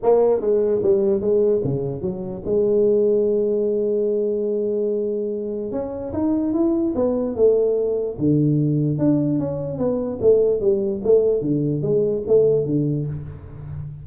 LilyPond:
\new Staff \with { instrumentName = "tuba" } { \time 4/4 \tempo 4 = 147 ais4 gis4 g4 gis4 | cis4 fis4 gis2~ | gis1~ | gis2 cis'4 dis'4 |
e'4 b4 a2 | d2 d'4 cis'4 | b4 a4 g4 a4 | d4 gis4 a4 d4 | }